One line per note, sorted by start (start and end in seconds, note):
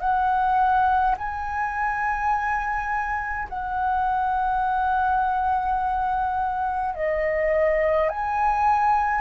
0.00 1.15 F#5
1.17 3.48 G#5
3.49 6.94 F#5
6.94 8.09 D#5
8.09 9.21 G#5